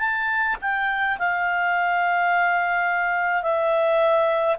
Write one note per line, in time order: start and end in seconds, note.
0.00 0.57 A5
0.62 1.18 G5
1.19 3.43 F5
3.43 4.56 E5